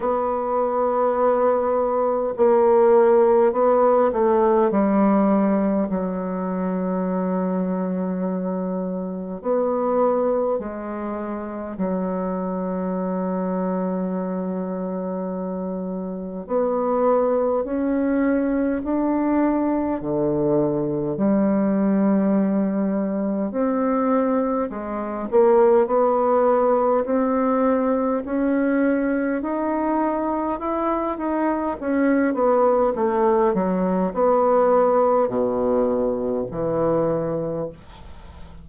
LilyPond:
\new Staff \with { instrumentName = "bassoon" } { \time 4/4 \tempo 4 = 51 b2 ais4 b8 a8 | g4 fis2. | b4 gis4 fis2~ | fis2 b4 cis'4 |
d'4 d4 g2 | c'4 gis8 ais8 b4 c'4 | cis'4 dis'4 e'8 dis'8 cis'8 b8 | a8 fis8 b4 b,4 e4 | }